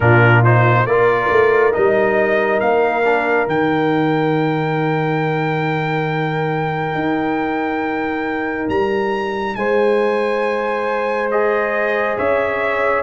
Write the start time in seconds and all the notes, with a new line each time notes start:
0.00 A#2 D4 F4 A#4
0.44 D#4 C5
0.86 A#3 F4 A#4 D5
1.31 A3
1.72 G3 D#4 D#5
2.60 A#3 F5
3.04 D4
3.46 D#3 D#4 G5
6.94 D#4
8.68 G3 A#5
9.55 G#3 C5 G#5
11.30 G#4 D#5
12.18 C#4 C#5 E5